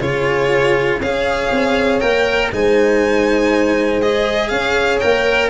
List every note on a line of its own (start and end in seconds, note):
0.00 1.00 C#3
0.00 1.00 F4
0.00 1.00 G#4
0.00 1.00 C#5
1.00 1.50 C#4
1.00 2.00 G#4
1.00 2.52 C#5
1.00 2.00 F5
1.51 2.01 C4
2.00 2.51 A#3
2.00 2.50 A#4
2.00 2.50 G5
2.52 4.51 G#3
2.52 4.02 D#4
2.52 4.50 C5
2.52 4.01 G#5
4.01 5.01 G#4
4.01 4.49 D#5
4.49 5.01 C#4
4.49 5.50 C#5
4.49 4.99 F5
4.99 5.50 A#3
4.99 5.50 A#4
4.99 5.49 G5